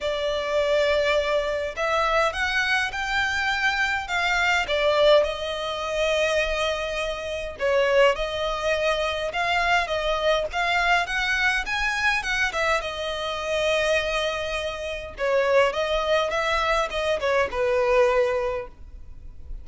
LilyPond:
\new Staff \with { instrumentName = "violin" } { \time 4/4 \tempo 4 = 103 d''2. e''4 | fis''4 g''2 f''4 | d''4 dis''2.~ | dis''4 cis''4 dis''2 |
f''4 dis''4 f''4 fis''4 | gis''4 fis''8 e''8 dis''2~ | dis''2 cis''4 dis''4 | e''4 dis''8 cis''8 b'2 | }